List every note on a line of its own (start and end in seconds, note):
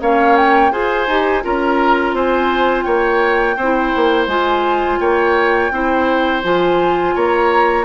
0.00 0.71 A#3
0.00 0.71 C#4
0.00 0.72 C#5
0.00 0.36 F5
0.36 0.72 G5
0.71 1.07 F4
0.71 1.07 G#4
0.71 1.43 C5
0.71 1.43 G#5
1.07 1.43 D#4
1.07 1.42 G4
1.42 2.13 C#4
1.42 3.57 F4
1.42 2.15 A#4
1.42 2.15 A#5
2.13 2.85 C4
2.13 2.84 C5
2.13 2.82 G#5
2.82 3.56 A#3
2.82 3.56 C#5
2.82 4.25 G5
3.56 3.92 C4
3.56 4.99 C5
3.62 4.29 E4
3.96 4.27 A#3
4.27 4.98 G#3
4.27 5.71 F4
4.27 4.99 G#5
4.99 5.71 A#3
4.99 5.72 C#5
4.99 6.42 G5
5.71 6.42 C4
5.71 6.43 E4
5.71 7.15 C5
6.43 7.15 F3
6.43 7.85 F4
6.43 7.16 G#5
7.15 7.85 A#3
7.15 7.85 C#5
7.15 7.85 A#5